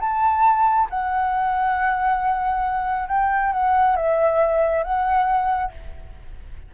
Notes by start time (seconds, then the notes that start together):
0.00 A5
0.90 F#5
3.08 G5
3.53 F#5
3.96 E5
4.83 F#5